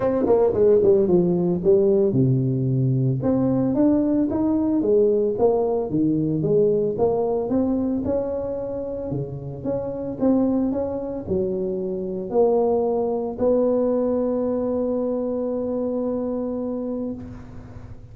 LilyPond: \new Staff \with { instrumentName = "tuba" } { \time 4/4 \tempo 4 = 112 c'8 ais8 gis8 g8 f4 g4 | c2 c'4 d'4 | dis'4 gis4 ais4 dis4 | gis4 ais4 c'4 cis'4~ |
cis'4 cis4 cis'4 c'4 | cis'4 fis2 ais4~ | ais4 b2.~ | b1 | }